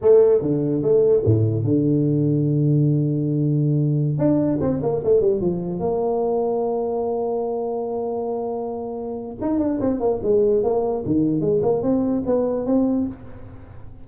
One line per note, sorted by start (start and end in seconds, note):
0.01 0.41 A3
0.41 0.82 D3
0.82 1.23 A3
1.25 1.63 A2
1.63 4.17 D3
4.17 4.58 D4
4.60 4.81 C4
4.82 5.02 A#3
5.04 5.20 A3
5.20 5.40 G3
5.40 5.79 F3
5.79 9.36 A#3
9.41 9.58 D#4
9.58 9.79 D4
9.80 10.00 C4
10.00 10.20 A#3
10.22 10.63 G#3
10.63 11.04 A#3
11.05 11.41 D#3
11.41 11.61 G#3
11.62 11.82 A#3
11.82 12.23 C4
12.26 12.65 B3
12.65 13.06 C4